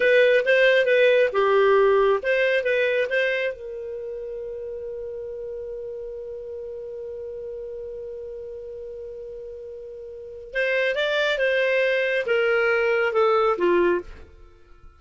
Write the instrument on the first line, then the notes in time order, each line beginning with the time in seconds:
clarinet
0.00 B4
0.45 C5
0.85 B4
1.32 G4
2.22 C5
2.63 B4
3.09 C5
3.53 A#4
10.53 C5
10.95 D5
11.38 C5
12.26 A#4
13.12 A4
13.57 F4